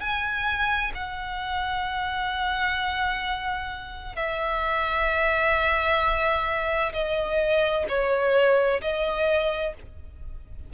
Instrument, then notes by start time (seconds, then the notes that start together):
violin
0.00 G#5
0.95 F#5
4.16 E5
6.93 D#5
7.89 C#5
8.82 D#5